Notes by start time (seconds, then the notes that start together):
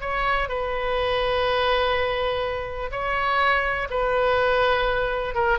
0.00 C#5
0.48 B4
2.91 C#5
3.90 B4
5.34 A#4